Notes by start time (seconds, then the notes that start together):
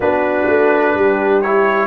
0.00 B3 D4 F#4 B4
0.47 A3
0.93 G3 G4
1.41 E4 C#5